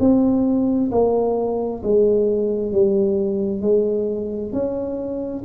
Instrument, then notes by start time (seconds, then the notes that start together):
tuba
0.00 C4
0.91 A#3
1.83 G#3
2.72 G3
3.62 G#3
4.52 C#4